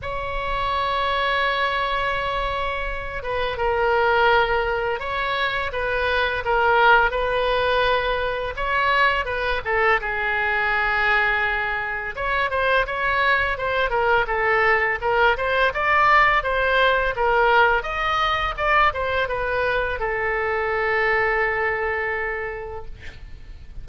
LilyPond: \new Staff \with { instrumentName = "oboe" } { \time 4/4 \tempo 4 = 84 cis''1~ | cis''8 b'8 ais'2 cis''4 | b'4 ais'4 b'2 | cis''4 b'8 a'8 gis'2~ |
gis'4 cis''8 c''8 cis''4 c''8 ais'8 | a'4 ais'8 c''8 d''4 c''4 | ais'4 dis''4 d''8 c''8 b'4 | a'1 | }